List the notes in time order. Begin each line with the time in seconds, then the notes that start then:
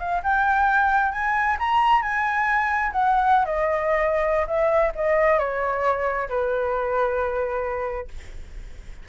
0.00 F5
0.24 G5
1.12 G#5
1.59 A#5
2.03 G#5
2.92 F#5
3.46 D#5
4.47 E5
4.96 D#5
5.39 C#5
6.29 B4